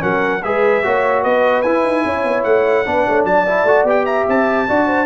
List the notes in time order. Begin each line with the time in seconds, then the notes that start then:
0.00 F#3 C#4 A#4 F#5
0.43 G#3 G#4 B4 E5
0.84 A#3 F#4 C#5
1.23 B3 B4 D#5
1.63 E4 G#5
1.84 D#4
2.05 C#4 C#5
2.24 B3
2.44 A3 F#5
2.86 B3 D4 B4
3.08 A3 C#5
3.25 F#3 D5 A5
3.47 E4
3.65 A3 F#4
3.84 B3 G4 G5
4.06 E5 A#5
4.29 C4 A5
4.68 D4 F#4 D5
4.88 C5